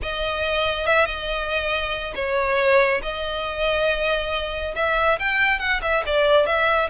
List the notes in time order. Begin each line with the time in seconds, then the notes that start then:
0.02 D#5
0.86 E5
1.05 D#5
2.15 C#5
3.02 D#5
4.75 E5
5.19 G5
5.59 F#5
5.82 E5
6.06 D5
6.46 E5